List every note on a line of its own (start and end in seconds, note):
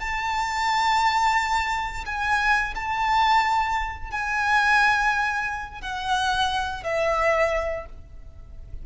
0.00 2.05 A5
2.06 2.74 G#5
2.75 4.11 A5
4.11 5.82 G#5
5.82 6.83 F#5
6.83 7.86 E5